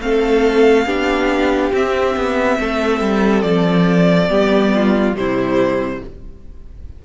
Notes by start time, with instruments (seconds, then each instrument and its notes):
0.00 cello A3, viola C4, violin A4 F5
0.86 cello B3, viola D4, violin G4
1.73 viola C4, cello C4, violin E5
2.16 cello B3
2.60 cello A3, violin A4
3.01 cello G3
3.42 cello F3, violin D5
4.28 cello G3, viola B3, violin G4
4.75 violin F4
5.15 cello C3, viola G3, violin E4 C5